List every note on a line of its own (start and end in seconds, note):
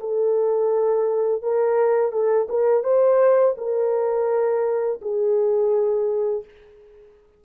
0.00 1.42 A4
1.42 2.12 A#4
2.12 2.47 A4
2.49 2.83 A#4
2.83 3.55 C5
3.57 5.00 A#4
5.01 6.44 G#4